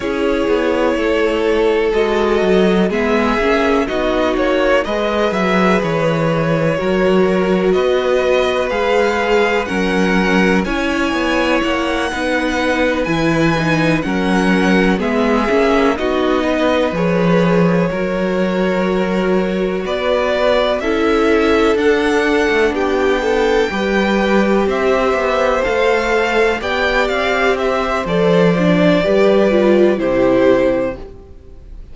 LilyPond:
<<
  \new Staff \with { instrumentName = "violin" } { \time 4/4 \tempo 4 = 62 cis''2 dis''4 e''4 | dis''8 cis''8 dis''8 e''8 cis''2 | dis''4 f''4 fis''4 gis''4 | fis''4. gis''4 fis''4 e''8~ |
e''8 dis''4 cis''2~ cis''8~ | cis''8 d''4 e''4 fis''4 g''8~ | g''4. e''4 f''4 g''8 | f''8 e''8 d''2 c''4 | }
  \new Staff \with { instrumentName = "violin" } { \time 4/4 gis'4 a'2 gis'4 | fis'4 b'2 ais'4 | b'2 ais'4 cis''4~ | cis''8 b'2 ais'4 gis'8~ |
gis'8 fis'8 b'4. ais'4.~ | ais'8 b'4 a'2 g'8 | a'8 b'4 c''2 d''8~ | d''8 c''4. b'4 g'4 | }
  \new Staff \with { instrumentName = "viola" } { \time 4/4 e'2 fis'4 b8 cis'8 | dis'4 gis'2 fis'4~ | fis'4 gis'4 cis'4 e'4~ | e'8 dis'4 e'8 dis'8 cis'4 b8 |
cis'8 dis'4 gis'4 fis'4.~ | fis'4. e'4 d'4.~ | d'8 g'2 a'4 g'8~ | g'4 a'8 d'8 g'8 f'8 e'4 | }
  \new Staff \with { instrumentName = "cello" } { \time 4/4 cis'8 b8 a4 gis8 fis8 gis8 ais8 | b8 ais8 gis8 fis8 e4 fis4 | b4 gis4 fis4 cis'8 b8 | ais8 b4 e4 fis4 gis8 |
ais8 b4 f4 fis4.~ | fis8 b4 cis'4 d'8. a16 b8~ | b8 g4 c'8 b8 a4 b8 | c'4 f4 g4 c4 | }
>>